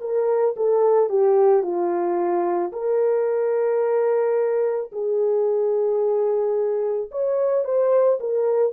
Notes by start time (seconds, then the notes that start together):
0.00 A#4
0.56 A4
1.09 G4
1.62 F4
2.72 A#4
4.91 G#4
7.11 C#5
7.64 C5
8.20 A#4